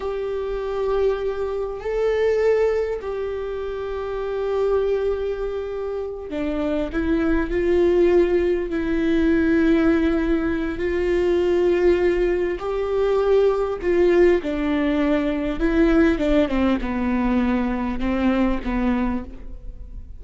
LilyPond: \new Staff \with { instrumentName = "viola" } { \time 4/4 \tempo 4 = 100 g'2. a'4~ | a'4 g'2.~ | g'2~ g'8 d'4 e'8~ | e'8 f'2 e'4.~ |
e'2 f'2~ | f'4 g'2 f'4 | d'2 e'4 d'8 c'8 | b2 c'4 b4 | }